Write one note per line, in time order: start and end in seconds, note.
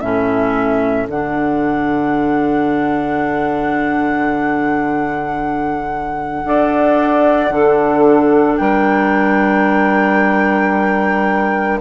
0.00 1.07 A2
0.00 1.09 C#4
0.00 6.46 A4
0.00 1.07 E5
1.07 6.43 D3
1.07 6.45 D4
1.07 8.57 F#5
6.45 7.50 D4
6.45 7.52 A4
6.45 7.53 D5
7.50 8.57 D3
7.50 11.80 D4
7.50 8.59 A4
8.57 11.81 G3
8.57 11.80 A#4
8.57 11.79 G5